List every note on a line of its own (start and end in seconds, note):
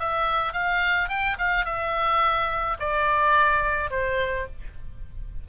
0.00 0.54 E5
0.54 1.10 F5
1.10 1.38 G5
1.39 1.66 F5
1.66 2.78 E5
2.80 3.91 D5
3.91 4.47 C5